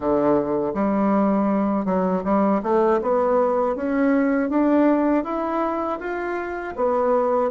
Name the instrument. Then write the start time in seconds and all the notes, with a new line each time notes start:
bassoon
0.00 D3
0.74 G3
1.85 F#3
2.24 G3
2.62 A3
3.01 B3
3.75 C#4
4.49 D4
5.24 E4
5.99 F4
6.76 B3